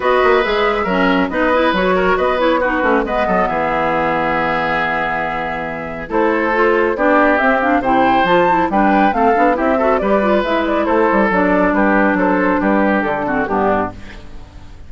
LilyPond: <<
  \new Staff \with { instrumentName = "flute" } { \time 4/4 \tempo 4 = 138 dis''4 e''2 dis''4 | cis''4 dis''8 cis''8 b'4 dis''4 | e''1~ | e''2 c''2 |
d''4 e''8 f''8 g''4 a''4 | g''4 f''4 e''4 d''4 | e''8 d''8 c''4 d''4 b'4 | c''4 b'4 a'4 g'4 | }
  \new Staff \with { instrumentName = "oboe" } { \time 4/4 b'2 ais'4 b'4~ | b'8 ais'8 b'4 fis'4 b'8 a'8 | gis'1~ | gis'2 a'2 |
g'2 c''2 | b'4 a'4 g'8 a'8 b'4~ | b'4 a'2 g'4 | a'4 g'4. fis'8 d'4 | }
  \new Staff \with { instrumentName = "clarinet" } { \time 4/4 fis'4 gis'4 cis'4 dis'8 e'8 | fis'4. e'8 dis'8 cis'8 b4~ | b1~ | b2 e'4 f'4 |
d'4 c'8 d'8 e'4 f'8 e'8 | d'4 c'8 d'8 e'8 fis'8 g'8 f'8 | e'2 d'2~ | d'2~ d'8 c'8 b4 | }
  \new Staff \with { instrumentName = "bassoon" } { \time 4/4 b8 ais8 gis4 fis4 b4 | fis4 b4. a8 gis8 fis8 | e1~ | e2 a2 |
b4 c'4 c4 f4 | g4 a8 b8 c'4 g4 | gis4 a8 g8 fis4 g4 | fis4 g4 d4 g,4 | }
>>